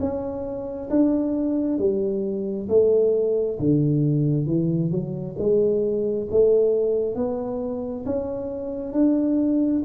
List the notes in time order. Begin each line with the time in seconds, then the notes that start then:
0.00 C#4
0.90 D4
1.79 G3
2.69 A3
3.60 D3
4.47 E3
4.91 F#3
5.39 G#3
6.31 A3
7.16 B3
8.06 C#4
8.93 D4